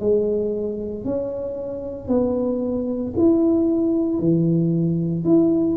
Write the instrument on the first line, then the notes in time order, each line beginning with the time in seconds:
tuba
0.00 G#3
1.05 C#4
2.08 B3
3.17 E4
4.20 E3
5.25 E4